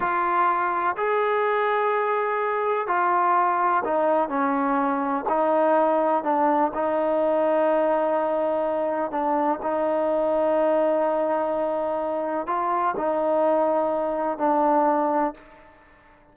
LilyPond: \new Staff \with { instrumentName = "trombone" } { \time 4/4 \tempo 4 = 125 f'2 gis'2~ | gis'2 f'2 | dis'4 cis'2 dis'4~ | dis'4 d'4 dis'2~ |
dis'2. d'4 | dis'1~ | dis'2 f'4 dis'4~ | dis'2 d'2 | }